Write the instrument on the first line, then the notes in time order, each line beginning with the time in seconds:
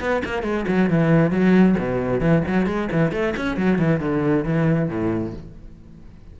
cello
0.00 B3
0.24 A#3
0.43 G#3
0.68 F#3
0.90 E3
1.30 F#3
1.78 B2
2.20 E3
2.47 F#3
2.66 G#3
2.91 E3
3.12 A3
3.36 C#4
3.57 F#3
3.79 E3
4.00 D3
4.45 E3
4.89 A2